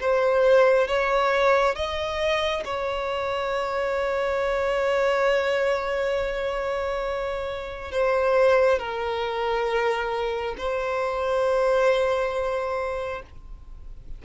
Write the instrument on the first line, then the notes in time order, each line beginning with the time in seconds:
violin
0.00 C5
0.87 C#5
1.75 D#5
2.64 C#5
7.91 C5
8.78 A#4
10.57 C5